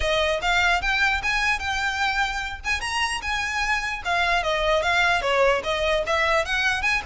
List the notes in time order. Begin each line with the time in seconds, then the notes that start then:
0.00 D#5
0.41 F5
0.81 G5
1.22 G#5
1.59 G5
2.64 G#5
2.81 A#5
3.21 G#5
4.04 F5
4.43 D#5
4.82 F5
5.21 C#5
5.63 D#5
6.06 E5
6.45 F#5
6.82 G#5